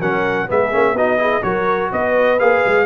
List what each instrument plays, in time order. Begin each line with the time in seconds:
0.00 tuba F#3, trombone C#4, horn A#4, trumpet F#5
0.47 tuba G#3, trombone B3, horn G#4, trumpet E5
0.71 tuba A#3, trombone C#4
0.93 tuba B3, trombone D#4, horn F#4, trumpet D#5
1.18 trombone E4, horn G#4
1.42 tuba F#3, trombone F#4, horn A#4, trumpet C#5
1.92 tuba B3, horn B4, trumpet D#5
2.39 tuba A#3, trombone G#4, trumpet F5
2.66 tuba G#3